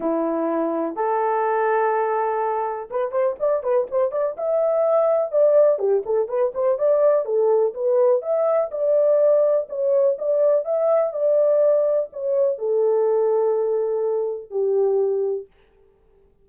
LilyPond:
\new Staff \with { instrumentName = "horn" } { \time 4/4 \tempo 4 = 124 e'2 a'2~ | a'2 b'8 c''8 d''8 b'8 | c''8 d''8 e''2 d''4 | g'8 a'8 b'8 c''8 d''4 a'4 |
b'4 e''4 d''2 | cis''4 d''4 e''4 d''4~ | d''4 cis''4 a'2~ | a'2 g'2 | }